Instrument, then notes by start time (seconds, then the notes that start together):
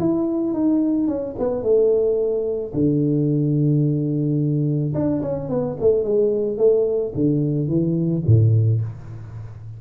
tuba
0.00 E4
0.54 D#4
1.08 C#4
1.39 B3
1.63 A3
2.74 D3
4.95 D4
5.22 C#4
5.50 B3
5.81 A3
6.04 G#3
6.58 A3
7.15 D3
7.68 E3
8.27 A2